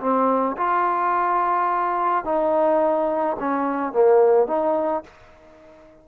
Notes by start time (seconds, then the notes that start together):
0.00 C4
0.57 F4
2.24 D#4
3.39 C#4
3.93 A#3
4.47 D#4